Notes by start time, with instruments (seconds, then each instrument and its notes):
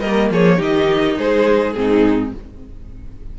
0.00 cello G3, viola A#3, violin A#4 D#5
0.30 cello F3, violin G#4 C#5
0.57 cello D#3, viola D#4, violin G4 D#5
1.18 cello G#3, violin G#4 C5
1.73 cello G#2, viola C4, violin G#4
1.81 violin D#4